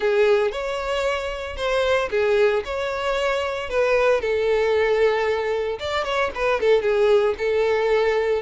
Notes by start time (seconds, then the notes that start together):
0.00 G#4
0.51 C#5
1.56 C5
2.10 G#4
2.64 C#5
3.69 B4
4.21 A4
5.79 D5
6.04 C#5
6.34 B4
6.60 A4
6.82 G#4
7.38 A4